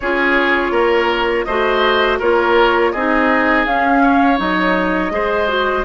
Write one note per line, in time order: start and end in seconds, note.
0.00 0.71 C#4
0.00 1.49 F4
0.00 0.71 G#4
0.00 1.44 C#5
0.71 1.44 A#3
0.71 1.45 A#4
1.44 2.20 A3
1.44 2.22 F#4
1.44 2.19 C5
1.44 2.17 D#5
2.19 2.93 A#3
2.19 2.95 F4
2.19 2.92 A#4
2.19 2.92 C#5
2.92 3.65 C4
2.92 3.66 D#4
2.92 4.02 G#4
2.92 3.65 D#5
3.65 4.39 C#4
3.65 4.37 C#4
3.65 4.39 F5
4.02 5.12 C#5
4.37 5.10 F#3
4.37 5.10 D#4
4.37 5.84 D#5
5.10 5.84 G#3
5.10 5.47 G#4
5.10 5.84 C5
5.47 5.84 F#4